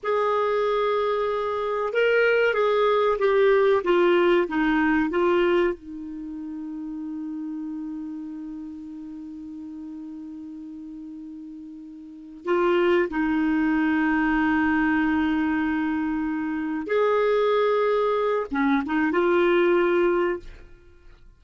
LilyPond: \new Staff \with { instrumentName = "clarinet" } { \time 4/4 \tempo 4 = 94 gis'2. ais'4 | gis'4 g'4 f'4 dis'4 | f'4 dis'2.~ | dis'1~ |
dis'2.~ dis'8 f'8~ | f'8 dis'2.~ dis'8~ | dis'2~ dis'8 gis'4.~ | gis'4 cis'8 dis'8 f'2 | }